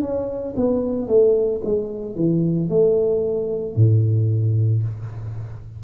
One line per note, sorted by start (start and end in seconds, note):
0.00 0.54 C#4
0.56 1.07 B3
1.07 1.61 A3
1.64 2.15 G#3
2.15 2.68 E3
2.68 3.75 A3
3.75 4.83 A2